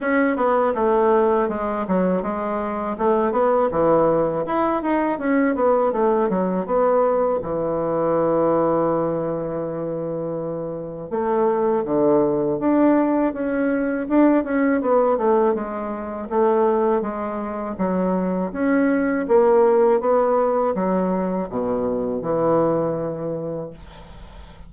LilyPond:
\new Staff \with { instrumentName = "bassoon" } { \time 4/4 \tempo 4 = 81 cis'8 b8 a4 gis8 fis8 gis4 | a8 b8 e4 e'8 dis'8 cis'8 b8 | a8 fis8 b4 e2~ | e2. a4 |
d4 d'4 cis'4 d'8 cis'8 | b8 a8 gis4 a4 gis4 | fis4 cis'4 ais4 b4 | fis4 b,4 e2 | }